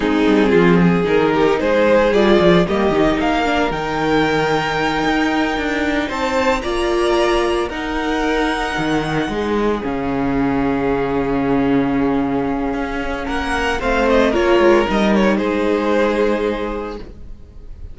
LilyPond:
<<
  \new Staff \with { instrumentName = "violin" } { \time 4/4 \tempo 4 = 113 gis'2 ais'4 c''4 | d''4 dis''4 f''4 g''4~ | g''2.~ g''8 a''8~ | a''8 ais''2 fis''4.~ |
fis''2~ fis''8 f''4.~ | f''1~ | f''4 fis''4 f''8 dis''8 cis''4 | dis''8 cis''8 c''2. | }
  \new Staff \with { instrumentName = "violin" } { \time 4/4 dis'4 f'8 gis'4 g'8 gis'4~ | gis'4 g'4 ais'2~ | ais'2.~ ais'8 c''8~ | c''8 d''2 ais'4.~ |
ais'4. gis'2~ gis'8~ | gis'1~ | gis'4 ais'4 c''4 ais'4~ | ais'4 gis'2. | }
  \new Staff \with { instrumentName = "viola" } { \time 4/4 c'2 dis'2 | f'4 ais8 dis'4 d'8 dis'4~ | dis'1~ | dis'8 f'2 dis'4.~ |
dis'2~ dis'8 cis'4.~ | cis'1~ | cis'2 c'4 f'4 | dis'1 | }
  \new Staff \with { instrumentName = "cello" } { \time 4/4 gis8 g8 f4 dis4 gis4 | g8 f8 g8 dis8 ais4 dis4~ | dis4. dis'4 d'4 c'8~ | c'8 ais2 dis'4.~ |
dis'8 dis4 gis4 cis4.~ | cis1 | cis'4 ais4 a4 ais8 gis8 | g4 gis2. | }
>>